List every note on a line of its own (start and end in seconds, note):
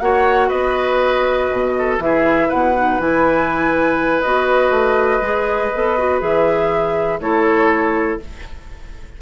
0.00 0.50 A#3
0.00 2.00 F#4
0.00 0.48 C#5
0.00 0.49 F#5
0.48 1.50 B3
0.48 1.72 B4
0.48 1.98 D#5
1.51 1.98 B2
1.78 2.03 A4
1.98 2.48 E3
1.98 2.74 E4
1.98 2.48 G#4
1.98 2.50 E5
2.48 2.99 B2
2.48 7.19 B4
2.48 3.00 F#5
2.76 3.00 D#4
2.99 4.23 E3
2.99 4.24 E4
2.99 4.21 G#5
4.21 4.70 B3
4.21 5.22 F#4
4.21 6.19 D#5
4.70 5.20 A3
5.21 5.71 G#3
5.21 5.72 G#4
5.74 6.21 B3
5.74 5.98 A4
5.98 6.20 F#4
6.20 7.20 E3
6.20 7.19 G#4
6.20 7.20 E5
7.20 8.19 A3
7.20 8.20 E4
7.20 8.21 A4
7.20 8.20 C#5